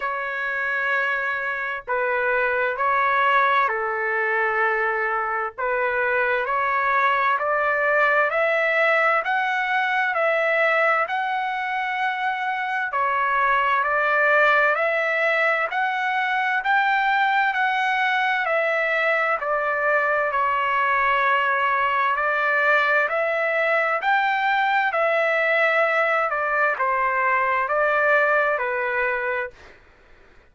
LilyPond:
\new Staff \with { instrumentName = "trumpet" } { \time 4/4 \tempo 4 = 65 cis''2 b'4 cis''4 | a'2 b'4 cis''4 | d''4 e''4 fis''4 e''4 | fis''2 cis''4 d''4 |
e''4 fis''4 g''4 fis''4 | e''4 d''4 cis''2 | d''4 e''4 g''4 e''4~ | e''8 d''8 c''4 d''4 b'4 | }